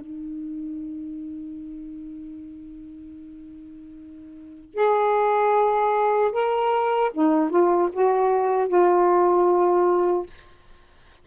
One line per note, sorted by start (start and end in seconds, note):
0.00 4.74 D#4
4.74 6.32 G#4
6.32 7.11 A#4
7.13 7.50 D#4
7.50 7.89 F4
7.92 8.68 F#4
8.68 10.26 F4